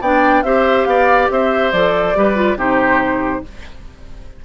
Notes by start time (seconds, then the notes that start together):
0.00 B3 D4 D5 G5
0.42 C4 G4 C5 E5
0.85 B3 D5 F5
1.30 C4 C5 E5
1.71 F3 A4 D5
2.15 G3 G4 B4
2.35 F4
2.55 C3 D#4 G4 C5